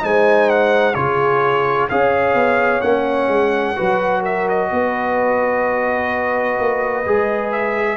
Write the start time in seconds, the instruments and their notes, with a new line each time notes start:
0.00 tuba G#3, trombone D#4, horn C5, trumpet G#5
0.50 trumpet F#5
0.94 tuba C#3, trombone F4, horn G#4, trumpet C#5
1.89 tuba C#4, trombone G#4, horn C#5, trumpet F5
2.34 tuba B3
2.81 tuba A#3, trombone C#4, trumpet F#5
3.28 tuba G#3
3.76 tuba F#3, trombone F#4, horn B4
4.21 horn A#4, trumpet E5
4.49 trumpet D#5
4.71 tuba B3, horn B4
6.59 tuba A#3
7.05 tuba G#3, trombone G#4
7.52 trumpet E5